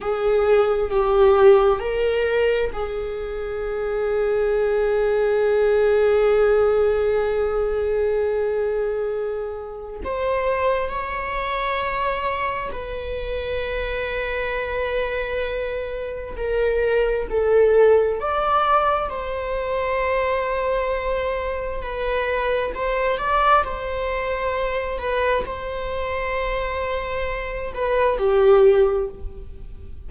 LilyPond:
\new Staff \with { instrumentName = "viola" } { \time 4/4 \tempo 4 = 66 gis'4 g'4 ais'4 gis'4~ | gis'1~ | gis'2. c''4 | cis''2 b'2~ |
b'2 ais'4 a'4 | d''4 c''2. | b'4 c''8 d''8 c''4. b'8 | c''2~ c''8 b'8 g'4 | }